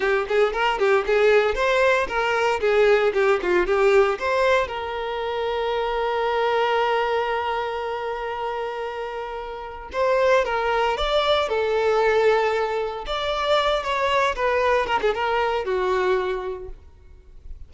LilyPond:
\new Staff \with { instrumentName = "violin" } { \time 4/4 \tempo 4 = 115 g'8 gis'8 ais'8 g'8 gis'4 c''4 | ais'4 gis'4 g'8 f'8 g'4 | c''4 ais'2.~ | ais'1~ |
ais'2. c''4 | ais'4 d''4 a'2~ | a'4 d''4. cis''4 b'8~ | b'8 ais'16 gis'16 ais'4 fis'2 | }